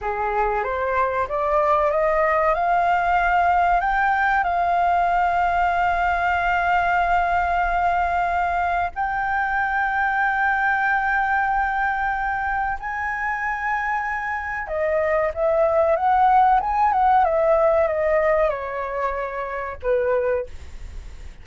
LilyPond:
\new Staff \with { instrumentName = "flute" } { \time 4/4 \tempo 4 = 94 gis'4 c''4 d''4 dis''4 | f''2 g''4 f''4~ | f''1~ | f''2 g''2~ |
g''1 | gis''2. dis''4 | e''4 fis''4 gis''8 fis''8 e''4 | dis''4 cis''2 b'4 | }